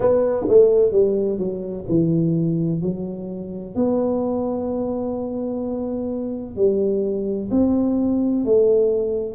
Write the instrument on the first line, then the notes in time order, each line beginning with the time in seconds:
tuba
0.00 B3
0.48 A3
0.91 G3
1.38 F#3
1.88 E3
2.81 F#3
3.75 B3
6.55 G3
7.50 C4
8.45 A3